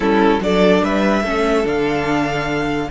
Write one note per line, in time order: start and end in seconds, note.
0.00 0.38 G3
0.00 0.41 C#4
0.00 0.40 E4
0.00 0.40 A4
0.40 0.82 F#3
0.40 1.24 D4
0.40 0.83 A4
0.40 0.84 D5
0.83 1.23 G3
0.83 1.22 B4
0.83 1.67 E5
1.22 1.65 A3
1.22 1.64 C#4
1.22 2.88 A4
1.64 2.90 D3
1.64 2.88 D4
1.64 2.90 F5